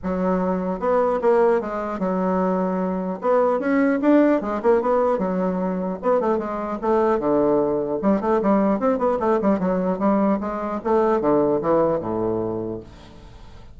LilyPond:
\new Staff \with { instrumentName = "bassoon" } { \time 4/4 \tempo 4 = 150 fis2 b4 ais4 | gis4 fis2. | b4 cis'4 d'4 gis8 ais8 | b4 fis2 b8 a8 |
gis4 a4 d2 | g8 a8 g4 c'8 b8 a8 g8 | fis4 g4 gis4 a4 | d4 e4 a,2 | }